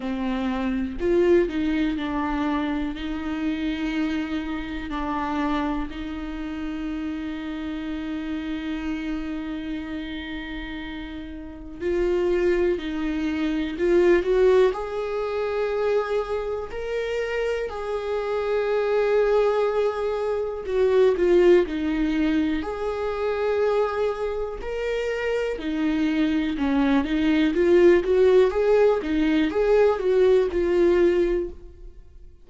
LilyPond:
\new Staff \with { instrumentName = "viola" } { \time 4/4 \tempo 4 = 61 c'4 f'8 dis'8 d'4 dis'4~ | dis'4 d'4 dis'2~ | dis'1 | f'4 dis'4 f'8 fis'8 gis'4~ |
gis'4 ais'4 gis'2~ | gis'4 fis'8 f'8 dis'4 gis'4~ | gis'4 ais'4 dis'4 cis'8 dis'8 | f'8 fis'8 gis'8 dis'8 gis'8 fis'8 f'4 | }